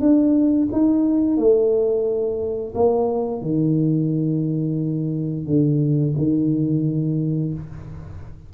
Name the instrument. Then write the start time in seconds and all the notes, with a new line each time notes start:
tuba
0.00 D4
0.72 D#4
1.37 A3
2.75 A#3
3.42 D#3
5.46 D3
6.17 D#3